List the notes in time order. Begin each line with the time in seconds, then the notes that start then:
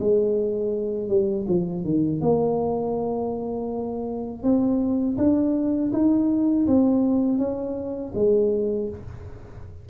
0.00 G#3
1.09 G3
1.48 F3
1.85 D#3
2.22 A#3
4.43 C4
5.18 D4
5.93 D#4
6.67 C4
7.39 C#4
8.15 G#3